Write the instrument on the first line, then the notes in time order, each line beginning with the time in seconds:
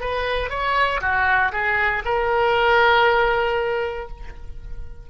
oboe
0.00 B4
0.50 C#5
1.01 F#4
1.53 G#4
2.05 A#4